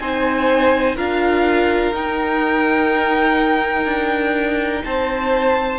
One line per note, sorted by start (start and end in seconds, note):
0.00 0.97 C4
0.00 0.97 D#4
0.00 0.97 C5
0.00 0.97 G#5
0.97 1.93 D4
0.97 1.94 F4
0.97 4.84 A#4
0.97 1.95 F5
1.93 3.86 D#4
1.93 5.79 D#4
1.93 4.84 G5
3.86 4.82 D4
4.84 5.79 C4
4.84 5.79 C5
4.84 5.79 A5